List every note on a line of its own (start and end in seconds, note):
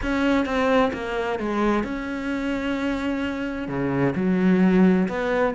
0.02 0.45 C#4
0.45 0.91 C4
0.93 1.39 A#3
1.39 1.83 G#3
1.83 3.68 C#4
3.68 4.14 C#3
4.15 5.07 F#3
5.08 5.54 B3